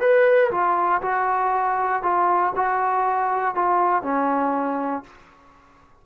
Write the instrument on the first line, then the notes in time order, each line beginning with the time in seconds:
trombone
0.00 B4
0.51 F4
1.02 F#4
2.03 F4
2.56 F#4
3.55 F4
4.03 C#4